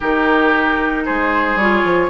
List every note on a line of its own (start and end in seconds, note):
0.00 1.07 D#3
0.00 1.59 D#4
0.00 1.03 G4
0.00 1.05 A#4
1.05 1.55 G#3
1.05 2.10 G#4
1.05 1.58 C5
1.55 1.82 G3
1.55 2.10 F4
1.55 2.10 C#5
1.84 2.10 F3